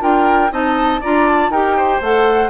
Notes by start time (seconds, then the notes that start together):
0.00 D4 F4 A#4 G5
0.51 C4 D#4 D#5 A5
1.01 D4 F4 D5 A#5
1.28 A5
1.49 D#4 G4 A#4 G5
1.76 C5
2.01 A3 A4 F#5